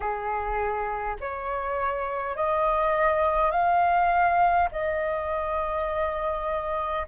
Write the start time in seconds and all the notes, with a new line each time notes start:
0.00 G#4
1.20 C#5
2.36 D#5
3.51 F5
4.71 D#5